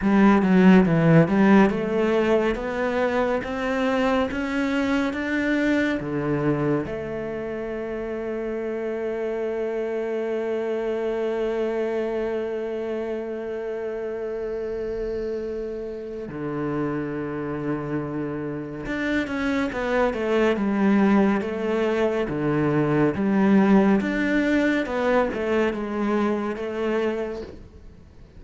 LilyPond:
\new Staff \with { instrumentName = "cello" } { \time 4/4 \tempo 4 = 70 g8 fis8 e8 g8 a4 b4 | c'4 cis'4 d'4 d4 | a1~ | a1~ |
a2. d4~ | d2 d'8 cis'8 b8 a8 | g4 a4 d4 g4 | d'4 b8 a8 gis4 a4 | }